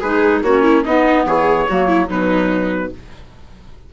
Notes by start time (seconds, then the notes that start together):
0.00 G#3 D#4 G#4 B4
0.42 A#3 C#4 F#4 C#5
0.63 E4
0.85 B3 D#4 D#5
1.26 E3 G#4 C#5
1.69 F#3 A#3 F#4
1.88 E4
2.08 B2 F#3 D#4 B4